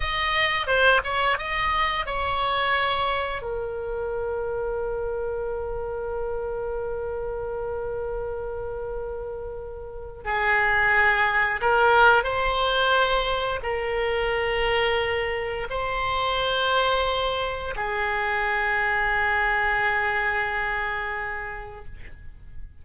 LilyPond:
\new Staff \with { instrumentName = "oboe" } { \time 4/4 \tempo 4 = 88 dis''4 c''8 cis''8 dis''4 cis''4~ | cis''4 ais'2.~ | ais'1~ | ais'2. gis'4~ |
gis'4 ais'4 c''2 | ais'2. c''4~ | c''2 gis'2~ | gis'1 | }